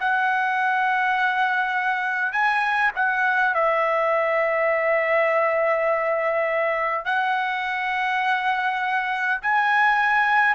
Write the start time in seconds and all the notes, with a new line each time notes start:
0.00 F#5
2.32 G#5
2.96 F#5
3.55 E5
7.05 F#5
9.42 G#5